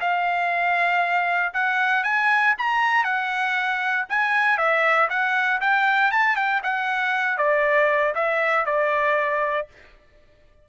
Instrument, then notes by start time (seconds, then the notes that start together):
trumpet
0.00 F5
1.53 F#5
2.03 G#5
2.58 A#5
3.04 F#5
4.09 G#5
4.57 E5
5.09 F#5
5.61 G5
6.11 A5
6.36 G5
6.63 F#5
7.38 D5
8.14 E5
8.65 D5